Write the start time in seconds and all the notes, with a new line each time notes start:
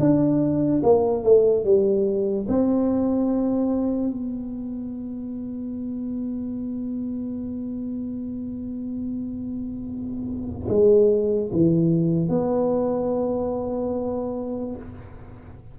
0.00 D4
0.83 A#3
1.23 A3
1.64 G3
2.48 C4
4.10 B3
10.68 G#3
11.52 E3
12.29 B3